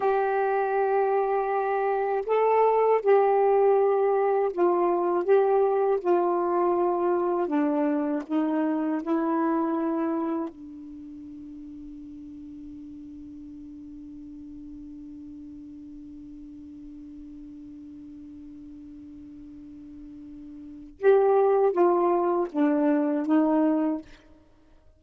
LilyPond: \new Staff \with { instrumentName = "saxophone" } { \time 4/4 \tempo 4 = 80 g'2. a'4 | g'2 f'4 g'4 | f'2 d'4 dis'4 | e'2 d'2~ |
d'1~ | d'1~ | d'1 | g'4 f'4 d'4 dis'4 | }